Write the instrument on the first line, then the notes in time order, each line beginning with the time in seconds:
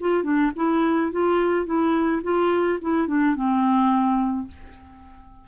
clarinet
0.00 F4
0.23 D4
0.56 E4
1.12 F4
1.65 E4
2.23 F4
2.81 E4
3.07 D4
3.35 C4